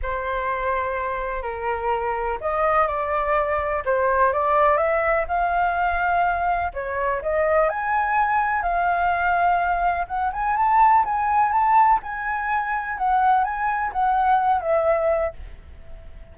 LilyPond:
\new Staff \with { instrumentName = "flute" } { \time 4/4 \tempo 4 = 125 c''2. ais'4~ | ais'4 dis''4 d''2 | c''4 d''4 e''4 f''4~ | f''2 cis''4 dis''4 |
gis''2 f''2~ | f''4 fis''8 gis''8 a''4 gis''4 | a''4 gis''2 fis''4 | gis''4 fis''4. e''4. | }